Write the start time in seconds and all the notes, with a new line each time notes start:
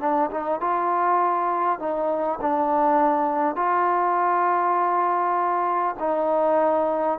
0.00 D4
0.30 D#4
0.60 F4
1.79 D#4
2.41 D4
3.55 F4
5.99 D#4